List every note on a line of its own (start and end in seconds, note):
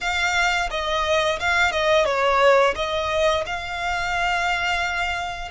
0.00 0.69 F5
0.70 1.39 D#5
1.39 1.71 F5
1.71 2.05 D#5
2.05 2.74 C#5
2.75 3.44 D#5
3.46 5.51 F5